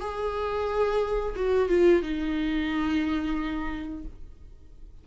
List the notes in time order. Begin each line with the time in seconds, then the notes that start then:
0.00 G#4
1.35 F#4
1.69 F4
2.02 D#4